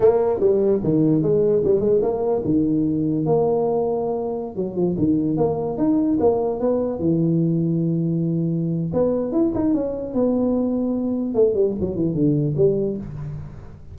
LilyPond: \new Staff \with { instrumentName = "tuba" } { \time 4/4 \tempo 4 = 148 ais4 g4 dis4 gis4 | g8 gis8 ais4 dis2 | ais2.~ ais16 fis8 f16~ | f16 dis4 ais4 dis'4 ais8.~ |
ais16 b4 e2~ e8.~ | e2 b4 e'8 dis'8 | cis'4 b2. | a8 g8 fis8 e8 d4 g4 | }